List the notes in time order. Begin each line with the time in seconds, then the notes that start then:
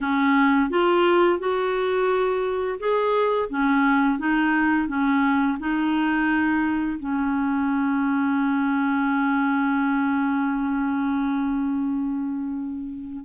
0.01 C#4
0.70 F4
1.39 F#4
2.79 G#4
3.49 C#4
4.18 D#4
4.88 C#4
5.59 D#4
6.99 C#4